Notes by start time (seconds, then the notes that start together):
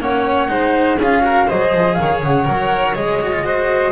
0.00 A#3 C#4 C#5 F#5
0.48 G#3 D#4 C5
0.99 C#4 F4 G#4 F5
1.23 F#4 A#4
1.47 F#3 G#4 C5 D#5
1.74 F3
1.95 D#3 F5
2.02 C#5
2.23 C#3 F#5
2.45 F#3 A#4
2.96 G#3 G#4 D#5
3.21 F#4
3.32 F4
3.44 F#4 C5